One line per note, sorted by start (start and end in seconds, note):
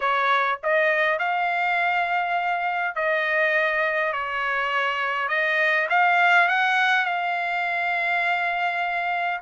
0.00 0.59 C#5
0.63 1.18 D#5
1.18 2.95 F5
2.95 4.12 D#5
4.12 5.28 C#5
5.28 5.87 D#5
5.89 6.48 F5
6.48 7.05 F#5
7.05 9.40 F5